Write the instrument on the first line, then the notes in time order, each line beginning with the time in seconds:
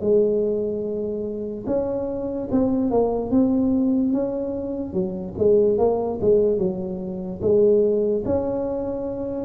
tuba
0.00 G#3
1.66 C#4
2.51 C4
2.90 A#3
3.31 C4
4.12 C#4
4.93 F#3
5.38 G#3
5.78 A#3
6.21 G#3
6.58 F#3
7.41 G#3
8.25 C#4